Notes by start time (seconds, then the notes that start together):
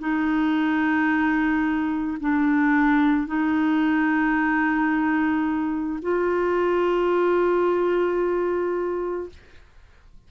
0.00 D#4
2.21 D4
3.27 D#4
6.02 F4